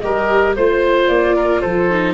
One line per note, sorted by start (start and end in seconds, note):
0.00 0.56 G3
0.00 0.57 G4
0.00 0.56 A#4
0.00 0.54 D#5
0.56 1.09 A3
0.56 1.91 F4
0.56 1.36 C5
0.56 1.08 C5
1.08 1.62 A#3
1.08 1.61 D5
1.36 1.61 A#4
1.61 2.14 F3
1.61 2.14 A4
1.61 2.14 C5
1.91 2.14 D#4